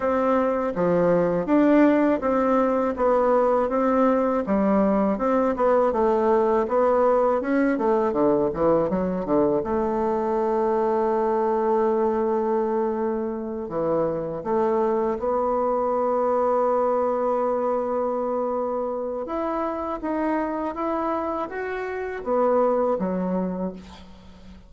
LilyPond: \new Staff \with { instrumentName = "bassoon" } { \time 4/4 \tempo 4 = 81 c'4 f4 d'4 c'4 | b4 c'4 g4 c'8 b8 | a4 b4 cis'8 a8 d8 e8 | fis8 d8 a2.~ |
a2~ a8 e4 a8~ | a8 b2.~ b8~ | b2 e'4 dis'4 | e'4 fis'4 b4 fis4 | }